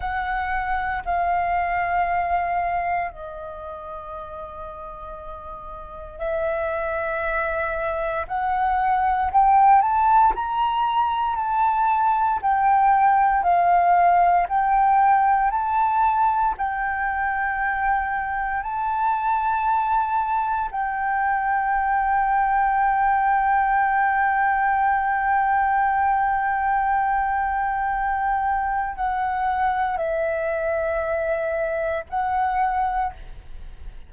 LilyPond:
\new Staff \with { instrumentName = "flute" } { \time 4/4 \tempo 4 = 58 fis''4 f''2 dis''4~ | dis''2 e''2 | fis''4 g''8 a''8 ais''4 a''4 | g''4 f''4 g''4 a''4 |
g''2 a''2 | g''1~ | g''1 | fis''4 e''2 fis''4 | }